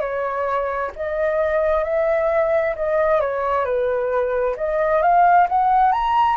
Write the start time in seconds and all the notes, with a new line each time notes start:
0.00 C#5
0.95 D#5
1.84 E5
2.76 D#5
3.21 C#5
3.65 B4
4.57 D#5
5.02 F5
5.49 F#5
5.92 A#5